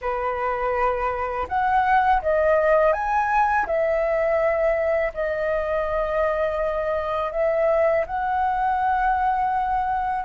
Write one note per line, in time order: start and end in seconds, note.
0.01 1.47 B4
1.48 2.22 F#5
2.22 2.92 D#5
2.92 3.66 G#5
3.66 5.12 E5
5.14 7.32 D#5
7.32 8.05 E5
8.06 10.25 F#5